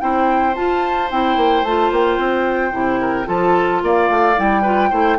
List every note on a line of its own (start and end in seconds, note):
0.00 0.56 C4
0.00 0.54 E4
0.00 3.01 C5
0.00 0.55 G5
0.54 1.09 F4
0.54 1.11 F4
0.54 1.09 A5
1.11 1.36 C4
1.11 1.65 E4
1.11 1.64 G5
1.36 1.62 A#3
1.62 1.89 A3
1.62 2.71 F4
1.62 1.92 A5
1.91 2.18 A#3
1.91 3.27 G5
2.18 2.72 C4
2.71 3.27 C3
2.71 3.25 E4
3.01 3.27 A#4
3.25 3.82 F3
3.25 4.34 F4
3.25 3.81 A4
3.25 3.82 A5
3.82 4.09 A#3
3.82 4.62 D5
3.82 4.39 F5
4.09 4.37 A3
4.35 4.91 G3
4.35 4.63 E4
4.35 5.19 G5
4.62 4.90 F4
4.62 4.89 B4
4.90 5.18 A3
4.90 5.18 E4
4.90 5.17 C5